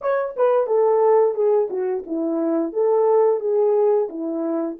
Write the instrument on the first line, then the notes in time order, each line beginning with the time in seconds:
horn
0.01 C#5
0.36 B4
0.66 A4
1.34 G#4
1.70 F#4
2.06 E4
2.72 A4
3.40 G#4
4.09 E4